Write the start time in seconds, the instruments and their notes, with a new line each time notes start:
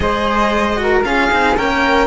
0.00 cello G#3 G#4, flute C5, violin D#5
0.76 cello F#4
0.82 flute A#4
1.03 cello C#4 F4, flute G#4, violin F5
1.30 cello C4 D#4
1.57 cello A#3 C#4, flute A#4, violin G5